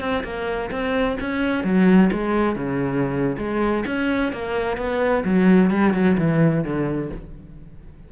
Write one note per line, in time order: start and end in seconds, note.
0.00 0.23 C4
0.23 0.70 A#3
0.71 1.17 C4
1.20 1.64 C#4
1.64 2.10 F#3
2.12 2.55 G#3
2.55 3.37 C#3
3.38 3.84 G#3
3.86 4.32 C#4
4.32 4.77 A#3
4.77 5.23 B3
5.24 5.70 F#3
5.70 5.93 G3
5.93 6.16 F#3
6.18 6.64 E3
6.64 7.11 D3